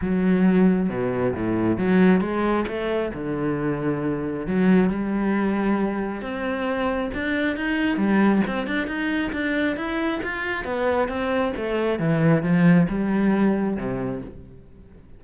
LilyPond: \new Staff \with { instrumentName = "cello" } { \time 4/4 \tempo 4 = 135 fis2 b,4 a,4 | fis4 gis4 a4 d4~ | d2 fis4 g4~ | g2 c'2 |
d'4 dis'4 g4 c'8 d'8 | dis'4 d'4 e'4 f'4 | b4 c'4 a4 e4 | f4 g2 c4 | }